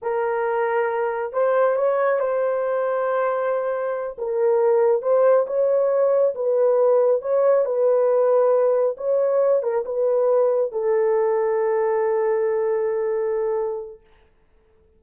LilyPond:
\new Staff \with { instrumentName = "horn" } { \time 4/4 \tempo 4 = 137 ais'2. c''4 | cis''4 c''2.~ | c''4. ais'2 c''8~ | c''8 cis''2 b'4.~ |
b'8 cis''4 b'2~ b'8~ | b'8 cis''4. ais'8 b'4.~ | b'8 a'2.~ a'8~ | a'1 | }